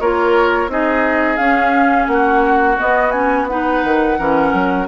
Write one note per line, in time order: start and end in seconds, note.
0.00 0.68 A#3
0.00 0.69 F4
0.00 0.70 A#4
0.00 0.70 C#5
0.68 1.37 C4
0.68 1.38 D#4
0.68 2.11 G#4
0.68 1.36 D#5
1.36 2.77 C#4
1.36 2.07 C#4
1.36 2.06 F5
2.07 2.77 A#3
2.07 3.51 F#4
2.07 2.77 F#5
2.77 3.12 B3
2.77 3.84 B3
2.77 3.11 D#5
3.11 3.48 C#4
3.11 3.46 G#5
3.48 4.18 D#4
3.48 4.18 B4
3.48 4.87 F#5
3.84 4.18 D#3
4.18 4.53 E3
4.18 4.87 C#4
4.18 4.87 A#4
4.53 4.87 F#3